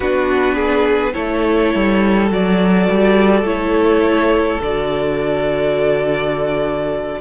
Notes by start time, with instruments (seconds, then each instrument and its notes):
0.00 cello B3, viola D4, violin F#4 B4
0.55 violin G#4
1.13 cello A3, viola E4, violin A4 C#5
1.74 cello G3
2.29 cello F#3, viola F#4, violin D5
2.89 cello G3
3.42 cello A3, viola E4, violin C#5
4.61 cello D3, viola F#4, violin D5